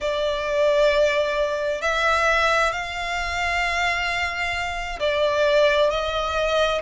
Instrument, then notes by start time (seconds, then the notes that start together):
violin
0.00 D5
1.81 E5
2.71 F5
4.99 D5
5.90 D#5